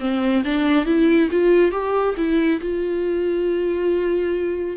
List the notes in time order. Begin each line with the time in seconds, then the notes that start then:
0.00 C4
0.45 D4
0.86 E4
1.32 F4
1.72 G4
2.17 E4
2.61 F4